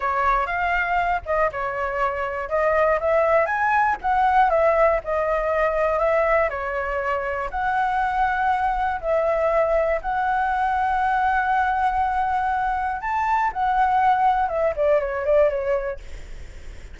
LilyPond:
\new Staff \with { instrumentName = "flute" } { \time 4/4 \tempo 4 = 120 cis''4 f''4. dis''8 cis''4~ | cis''4 dis''4 e''4 gis''4 | fis''4 e''4 dis''2 | e''4 cis''2 fis''4~ |
fis''2 e''2 | fis''1~ | fis''2 a''4 fis''4~ | fis''4 e''8 d''8 cis''8 d''8 cis''4 | }